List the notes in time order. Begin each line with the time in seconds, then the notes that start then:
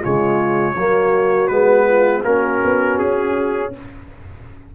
0.00 C#3 G#3 F4 C#5
0.75 F#3 A#3 F#4
1.47 G#3 B3 B4
1.87 F4
2.23 A#3 C#4 F#4 A#4
2.64 B3
2.98 C#4 G#4